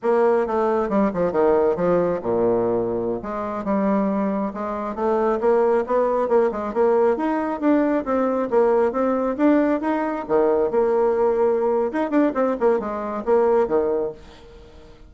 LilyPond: \new Staff \with { instrumentName = "bassoon" } { \time 4/4 \tempo 4 = 136 ais4 a4 g8 f8 dis4 | f4 ais,2~ ais,16 gis8.~ | gis16 g2 gis4 a8.~ | a16 ais4 b4 ais8 gis8 ais8.~ |
ais16 dis'4 d'4 c'4 ais8.~ | ais16 c'4 d'4 dis'4 dis8.~ | dis16 ais2~ ais8. dis'8 d'8 | c'8 ais8 gis4 ais4 dis4 | }